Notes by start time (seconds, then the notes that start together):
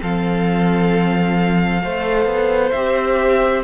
0.00 F3 C4 A4 F5
1.82 A3 A4 C5
2.26 B3
2.72 C4 G4 E5